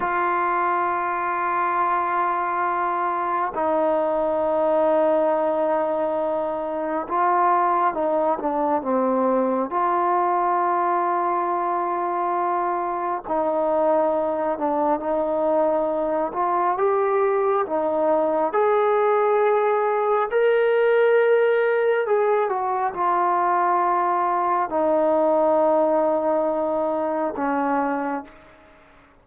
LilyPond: \new Staff \with { instrumentName = "trombone" } { \time 4/4 \tempo 4 = 68 f'1 | dis'1 | f'4 dis'8 d'8 c'4 f'4~ | f'2. dis'4~ |
dis'8 d'8 dis'4. f'8 g'4 | dis'4 gis'2 ais'4~ | ais'4 gis'8 fis'8 f'2 | dis'2. cis'4 | }